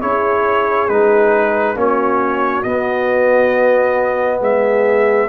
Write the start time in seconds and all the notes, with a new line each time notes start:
0.00 C#4 E4 G#4 C#5
0.89 G#3 D#4 B4
1.75 A#3 C#4 F#4 C#5
2.63 B3 D#5
4.40 G#3 G#4 E5